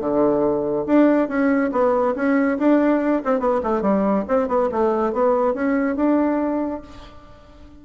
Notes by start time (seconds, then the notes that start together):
0.00 D3
0.86 D4
1.28 C#4
1.72 B3
2.15 C#4
2.59 D4
3.25 C4
3.40 B3
3.63 A3
3.82 G3
4.28 C4
4.48 B3
4.72 A3
5.13 B3
5.54 C#4
5.96 D4